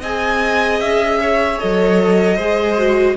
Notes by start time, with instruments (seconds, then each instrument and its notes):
0.00 cello C4, viola G#4, violin D#5 G#5
0.80 cello C#4, violin E5
1.20 violin C#5
1.58 cello F#3, viola A4, violin D#5
2.36 cello G#3, viola G#4, violin C5
2.78 viola F#4